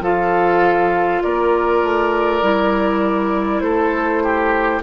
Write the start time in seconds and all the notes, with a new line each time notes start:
0.00 F3 F4 A4 F5
1.23 A#3 A#4 D5
1.82 A3
2.41 G3 E4
3.60 A3 A4 C5
4.23 G4